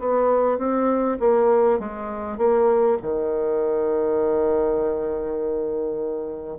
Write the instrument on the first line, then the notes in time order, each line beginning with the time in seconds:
bassoon
0.00 B3
0.59 C4
1.20 A#3
1.79 G#3
2.38 A#3
3.02 D#3